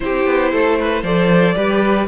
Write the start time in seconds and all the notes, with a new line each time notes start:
0.00 C4 E4 G4 C5
0.25 B3
0.52 A3 A4
0.78 B4
1.02 F3 A4 C5 D5
1.55 G3 G4 B4